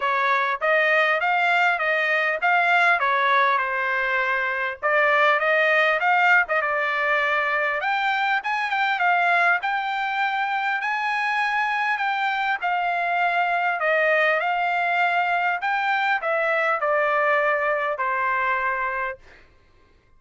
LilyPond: \new Staff \with { instrumentName = "trumpet" } { \time 4/4 \tempo 4 = 100 cis''4 dis''4 f''4 dis''4 | f''4 cis''4 c''2 | d''4 dis''4 f''8. dis''16 d''4~ | d''4 g''4 gis''8 g''8 f''4 |
g''2 gis''2 | g''4 f''2 dis''4 | f''2 g''4 e''4 | d''2 c''2 | }